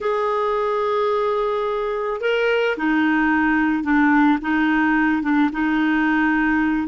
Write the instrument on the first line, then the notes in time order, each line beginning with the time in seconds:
clarinet
0.01 G#4
2.20 A#4
2.77 D#4
3.83 D4
4.41 D#4
5.22 D4
5.52 D#4